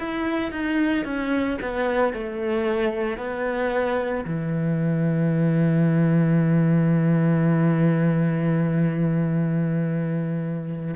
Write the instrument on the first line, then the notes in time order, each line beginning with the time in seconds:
cello
0.00 E4
0.52 D#4
1.05 C#4
1.62 B3
2.14 A3
3.18 B3
4.26 E3